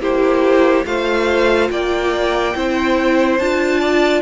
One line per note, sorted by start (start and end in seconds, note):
0.00 0.85 A#3
0.00 0.85 E4
0.00 0.85 G4
0.00 0.86 C5
0.85 1.70 A3
0.85 2.54 F4
0.85 1.71 C5
0.85 1.70 F5
1.71 2.55 A#3
1.71 2.57 D5
1.71 3.39 G5
2.55 3.39 C4
2.55 3.39 E4
2.55 3.81 C5
3.39 4.22 D4
3.39 4.22 F4
3.39 4.22 A5
3.81 4.22 D5